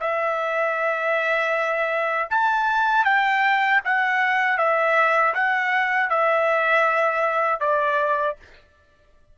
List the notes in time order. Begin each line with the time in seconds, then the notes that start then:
0.00 E5
2.30 A5
3.04 G5
3.85 F#5
4.58 E5
5.34 F#5
6.09 E5
7.60 D5